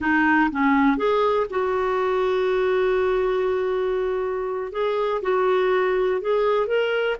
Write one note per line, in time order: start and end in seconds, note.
0.00 0.50 D#4
0.51 0.97 C#4
0.97 1.46 G#4
1.50 4.72 F#4
4.72 5.21 G#4
5.22 6.21 F#4
6.21 6.66 G#4
6.66 7.16 A#4